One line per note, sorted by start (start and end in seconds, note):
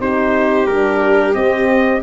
0.00 0.67 C4
0.00 0.67 D#4
0.00 2.03 G4
0.00 0.67 C5
0.67 1.34 G3
0.67 1.35 D4
0.67 1.34 A#4
1.34 2.02 C4
1.34 2.02 D#5